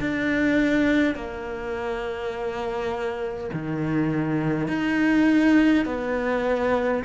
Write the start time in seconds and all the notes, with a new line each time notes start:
0.00 D4
1.14 A#3
3.52 D#3
4.67 D#4
5.85 B3